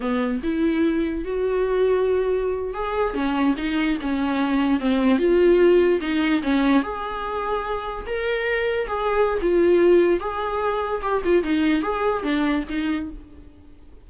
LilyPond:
\new Staff \with { instrumentName = "viola" } { \time 4/4 \tempo 4 = 147 b4 e'2 fis'4~ | fis'2~ fis'8. gis'4 cis'16~ | cis'8. dis'4 cis'2 c'16~ | c'8. f'2 dis'4 cis'16~ |
cis'8. gis'2. ais'16~ | ais'4.~ ais'16 gis'4~ gis'16 f'4~ | f'4 gis'2 g'8 f'8 | dis'4 gis'4 d'4 dis'4 | }